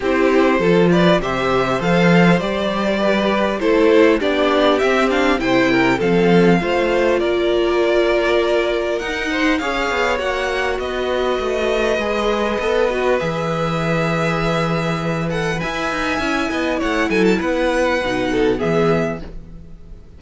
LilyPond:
<<
  \new Staff \with { instrumentName = "violin" } { \time 4/4 \tempo 4 = 100 c''4. d''8 e''4 f''4 | d''2 c''4 d''4 | e''8 f''8 g''4 f''2 | d''2. fis''4 |
f''4 fis''4 dis''2~ | dis''2 e''2~ | e''4. fis''8 gis''2 | fis''8 gis''16 a''16 fis''2 e''4 | }
  \new Staff \with { instrumentName = "violin" } { \time 4/4 g'4 a'8 b'8 c''2~ | c''4 b'4 a'4 g'4~ | g'4 c''8 ais'8 a'4 c''4 | ais'2.~ ais'8 c''8 |
cis''2 b'2~ | b'1~ | b'2 e''4. dis''8 | cis''8 a'8 b'4. a'8 gis'4 | }
  \new Staff \with { instrumentName = "viola" } { \time 4/4 e'4 f'4 g'4 a'4 | g'2 e'4 d'4 | c'8 d'8 e'4 c'4 f'4~ | f'2. dis'4 |
gis'4 fis'2. | gis'4 a'8 fis'8 gis'2~ | gis'4. a'8 b'4 e'4~ | e'2 dis'4 b4 | }
  \new Staff \with { instrumentName = "cello" } { \time 4/4 c'4 f4 c4 f4 | g2 a4 b4 | c'4 c4 f4 a4 | ais2. dis'4 |
cis'8 b8 ais4 b4 a4 | gis4 b4 e2~ | e2 e'8 dis'8 cis'8 b8 | a8 fis8 b4 b,4 e4 | }
>>